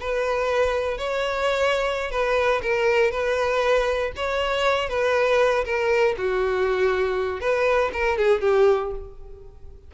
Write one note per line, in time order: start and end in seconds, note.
0.00 0.98 B4
0.98 2.11 C#5
2.11 2.61 B4
2.62 3.11 A#4
3.11 4.12 B4
4.16 4.89 C#5
4.89 5.65 B4
5.65 6.15 A#4
6.17 7.40 F#4
7.40 7.91 B4
7.93 8.18 A#4
8.18 8.41 G#4
8.41 8.91 G4